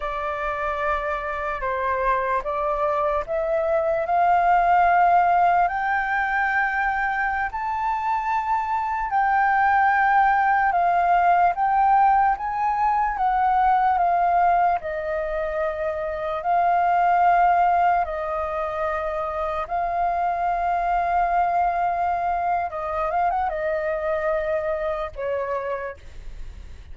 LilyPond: \new Staff \with { instrumentName = "flute" } { \time 4/4 \tempo 4 = 74 d''2 c''4 d''4 | e''4 f''2 g''4~ | g''4~ g''16 a''2 g''8.~ | g''4~ g''16 f''4 g''4 gis''8.~ |
gis''16 fis''4 f''4 dis''4.~ dis''16~ | dis''16 f''2 dis''4.~ dis''16~ | dis''16 f''2.~ f''8. | dis''8 f''16 fis''16 dis''2 cis''4 | }